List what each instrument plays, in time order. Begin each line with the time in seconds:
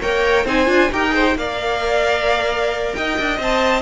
0.00 cello A#3, viola A#4, violin C#5 G5
0.45 cello C4, viola D#4, violin C5 G#5
0.66 cello D4, viola F4
0.92 cello D#4, viola G4, violin A#4 G5
1.09 viola G#4, violin C5
1.36 cello A#3, viola A#4, violin D5 F5
2.94 cello D#4, violin D#5 G5
3.19 cello D4
3.37 cello C4, viola C5, violin A5